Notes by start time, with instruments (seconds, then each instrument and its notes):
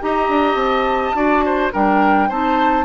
0.00 bassoon D#4, clarinet G4, oboe D#5, flute A#5
0.28 bassoon D4
0.55 bassoon C4, flute A5
1.14 bassoon D4, clarinet F#4, oboe D5
1.45 oboe C5
1.72 bassoon G3, clarinet D4, oboe A#4, flute G5
2.28 bassoon C4, clarinet D#4, oboe C5, flute A5